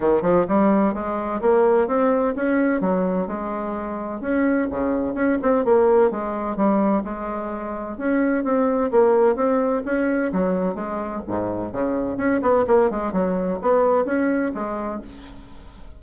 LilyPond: \new Staff \with { instrumentName = "bassoon" } { \time 4/4 \tempo 4 = 128 dis8 f8 g4 gis4 ais4 | c'4 cis'4 fis4 gis4~ | gis4 cis'4 cis4 cis'8 c'8 | ais4 gis4 g4 gis4~ |
gis4 cis'4 c'4 ais4 | c'4 cis'4 fis4 gis4 | gis,4 cis4 cis'8 b8 ais8 gis8 | fis4 b4 cis'4 gis4 | }